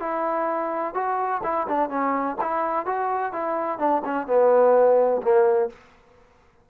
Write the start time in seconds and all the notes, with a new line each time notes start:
0.00 E4
0.94 F#4
1.43 E4
1.68 D4
1.89 C#4
2.41 E4
2.86 F#4
3.33 E4
3.79 D4
4.05 C#4
4.27 B3
5.22 A#3